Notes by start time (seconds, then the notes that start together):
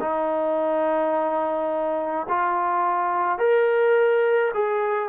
0.00 D#4
2.29 F4
3.39 A#4
4.54 G#4